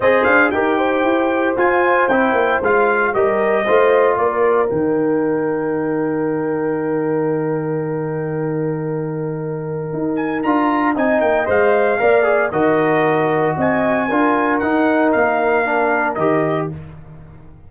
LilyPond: <<
  \new Staff \with { instrumentName = "trumpet" } { \time 4/4 \tempo 4 = 115 dis''8 f''8 g''2 gis''4 | g''4 f''4 dis''2 | d''4 g''2.~ | g''1~ |
g''2.~ g''8 gis''8 | ais''4 gis''8 g''8 f''2 | dis''2 gis''2 | fis''4 f''2 dis''4 | }
  \new Staff \with { instrumentName = "horn" } { \time 4/4 c''4 ais'8 c''2~ c''8~ | c''2 ais'4 c''4 | ais'1~ | ais'1~ |
ais'1~ | ais'4 dis''2 d''4 | ais'2 dis''4 ais'4~ | ais'1 | }
  \new Staff \with { instrumentName = "trombone" } { \time 4/4 gis'4 g'2 f'4 | e'4 f'4 g'4 f'4~ | f'4 dis'2.~ | dis'1~ |
dis'1 | f'4 dis'4 c''4 ais'8 gis'8 | fis'2. f'4 | dis'2 d'4 g'4 | }
  \new Staff \with { instrumentName = "tuba" } { \time 4/4 c'8 d'8 dis'4 e'4 f'4 | c'8 ais8 gis4 g4 a4 | ais4 dis2.~ | dis1~ |
dis2. dis'4 | d'4 c'8 ais8 gis4 ais4 | dis2 c'4 d'4 | dis'4 ais2 dis4 | }
>>